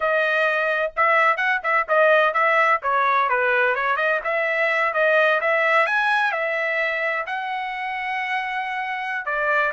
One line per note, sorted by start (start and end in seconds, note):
0.00 0.92 D#5
0.96 1.36 E5
1.36 1.60 F#5
1.63 1.86 E5
1.88 2.33 D#5
2.33 2.80 E5
2.82 3.29 C#5
3.29 3.75 B4
3.75 3.96 C#5
3.96 4.20 D#5
4.24 4.93 E5
4.93 5.40 D#5
5.40 5.86 E5
5.86 6.32 G#5
6.32 7.25 E5
7.26 9.25 F#5
9.25 9.72 D5